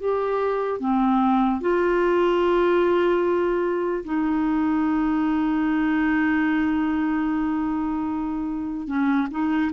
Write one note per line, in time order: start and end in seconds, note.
0.00 0.80 G4
0.80 1.61 C4
1.61 4.04 F4
4.05 8.87 D#4
8.87 9.28 C#4
9.31 9.71 D#4